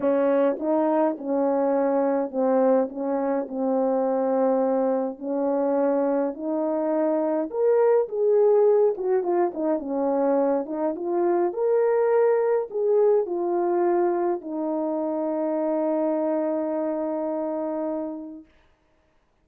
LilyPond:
\new Staff \with { instrumentName = "horn" } { \time 4/4 \tempo 4 = 104 cis'4 dis'4 cis'2 | c'4 cis'4 c'2~ | c'4 cis'2 dis'4~ | dis'4 ais'4 gis'4. fis'8 |
f'8 dis'8 cis'4. dis'8 f'4 | ais'2 gis'4 f'4~ | f'4 dis'2.~ | dis'1 | }